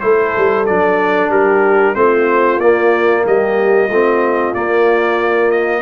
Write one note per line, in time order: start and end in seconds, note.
0.00 0.35 A3
0.00 0.65 E4
0.00 1.31 A4
0.00 0.65 C5
0.37 0.68 G3
0.66 1.29 F#3
0.66 1.95 D4
0.66 1.30 D5
1.29 1.94 G3
1.29 1.95 G4
1.29 1.95 A#4
1.95 2.58 A3
1.95 2.59 C4
1.95 3.24 F4
1.95 2.59 C5
2.58 3.23 A#3
2.58 3.89 A#3
2.58 3.24 D5
3.24 3.89 G3
3.24 3.88 G4
3.24 4.54 D#5
3.88 4.54 A3
3.88 4.54 C4
3.88 5.81 F4
4.54 5.82 A#3
4.54 5.51 D5
5.51 5.82 D#5